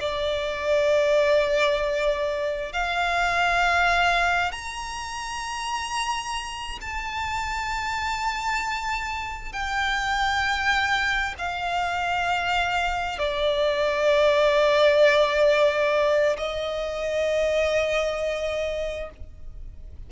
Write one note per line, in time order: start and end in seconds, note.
0.00 2.72 D5
2.72 4.52 F5
4.52 6.79 A#5
6.81 9.52 A5
9.52 11.34 G5
11.38 13.18 F5
13.18 16.36 D5
16.37 19.10 D#5